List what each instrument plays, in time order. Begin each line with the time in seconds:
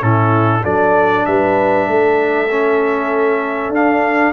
0.00 tuba A2, trombone C#4, horn E4, trumpet A4
0.61 tuba F#3, trombone D4, horn A4, trumpet D5
1.25 tuba G3, horn B4, trumpet E5
1.87 tuba A3, horn A4
2.51 trombone C#4
3.69 tuba D4, trombone D4, trumpet F5